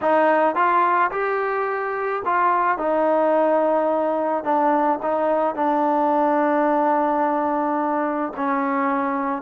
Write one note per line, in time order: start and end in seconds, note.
0.01 0.55 D#4
0.55 1.10 F4
1.11 2.22 G4
2.25 2.78 F4
2.78 4.43 D#4
4.43 4.99 D4
5.02 5.55 D#4
5.55 8.32 D4
8.36 9.42 C#4